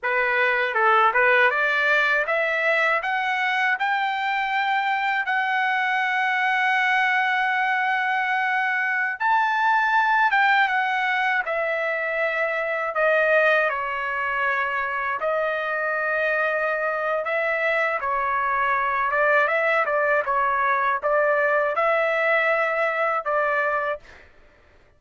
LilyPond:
\new Staff \with { instrumentName = "trumpet" } { \time 4/4 \tempo 4 = 80 b'4 a'8 b'8 d''4 e''4 | fis''4 g''2 fis''4~ | fis''1~ | fis''16 a''4. g''8 fis''4 e''8.~ |
e''4~ e''16 dis''4 cis''4.~ cis''16~ | cis''16 dis''2~ dis''8. e''4 | cis''4. d''8 e''8 d''8 cis''4 | d''4 e''2 d''4 | }